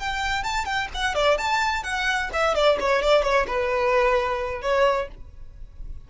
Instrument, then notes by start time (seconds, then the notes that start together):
violin
0.00 G5
0.44 A5
0.65 G5
0.95 F#5
1.15 D5
1.38 A5
1.84 F#5
2.33 E5
2.55 D5
2.80 C#5
3.03 D5
3.23 C#5
3.47 B4
4.62 C#5